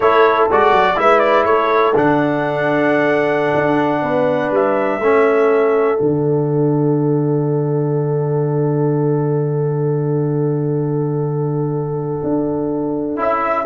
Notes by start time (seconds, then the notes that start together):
0.00 A3 E4 A4 C#5
0.50 G#3 F#4 D5
0.71 F#3
0.96 G#3 E4 B4 E5
1.19 D5
1.44 A3 A4 C#5
1.95 D3 D4 F#5
3.55 D4
4.02 B3 B4
4.50 G3 E5
4.99 A3 C#4 A4
5.97 D3 D4 F#5
12.23 D4
13.16 C#4 E4 E5